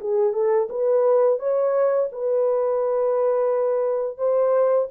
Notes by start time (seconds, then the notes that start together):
0.00 G#4
0.33 A4
0.69 B4
1.39 C#5
2.12 B4
4.17 C5